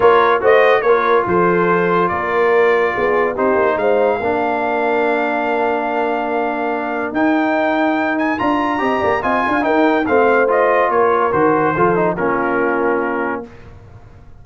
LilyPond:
<<
  \new Staff \with { instrumentName = "trumpet" } { \time 4/4 \tempo 4 = 143 cis''4 dis''4 cis''4 c''4~ | c''4 d''2. | c''4 f''2.~ | f''1~ |
f''4 g''2~ g''8 gis''8 | ais''2 gis''4 g''4 | f''4 dis''4 cis''4 c''4~ | c''4 ais'2. | }
  \new Staff \with { instrumentName = "horn" } { \time 4/4 ais'4 c''4 ais'4 a'4~ | a'4 ais'2 gis'4 | g'4 c''4 ais'2~ | ais'1~ |
ais'1~ | ais'4 dis''8 d''8 dis''8 f''8 ais'4 | c''2 ais'2 | a'4 f'2. | }
  \new Staff \with { instrumentName = "trombone" } { \time 4/4 f'4 fis'4 f'2~ | f'1 | dis'2 d'2~ | d'1~ |
d'4 dis'2. | f'4 g'4 f'4 dis'4 | c'4 f'2 fis'4 | f'8 dis'8 cis'2. | }
  \new Staff \with { instrumentName = "tuba" } { \time 4/4 ais4 a4 ais4 f4~ | f4 ais2 b4 | c'8 ais8 gis4 ais2~ | ais1~ |
ais4 dis'2. | d'4 c'8 ais8 c'8 d'8 dis'4 | a2 ais4 dis4 | f4 ais2. | }
>>